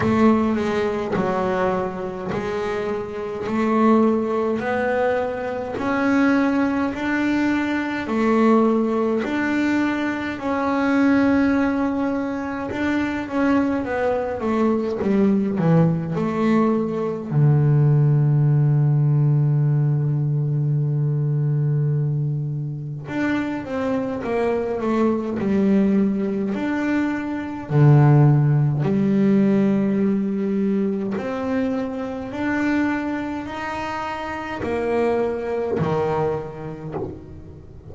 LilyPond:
\new Staff \with { instrumentName = "double bass" } { \time 4/4 \tempo 4 = 52 a8 gis8 fis4 gis4 a4 | b4 cis'4 d'4 a4 | d'4 cis'2 d'8 cis'8 | b8 a8 g8 e8 a4 d4~ |
d1 | d'8 c'8 ais8 a8 g4 d'4 | d4 g2 c'4 | d'4 dis'4 ais4 dis4 | }